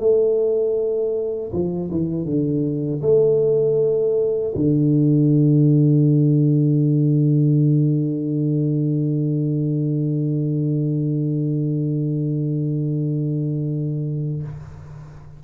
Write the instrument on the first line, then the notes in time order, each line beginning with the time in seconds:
tuba
0.00 A3
1.53 F3
1.91 E3
2.25 D3
3.02 A3
4.56 D3